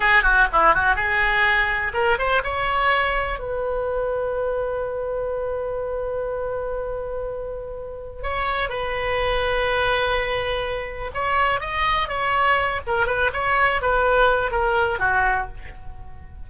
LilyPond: \new Staff \with { instrumentName = "oboe" } { \time 4/4 \tempo 4 = 124 gis'8 fis'8 e'8 fis'8 gis'2 | ais'8 c''8 cis''2 b'4~ | b'1~ | b'1~ |
b'4 cis''4 b'2~ | b'2. cis''4 | dis''4 cis''4. ais'8 b'8 cis''8~ | cis''8 b'4. ais'4 fis'4 | }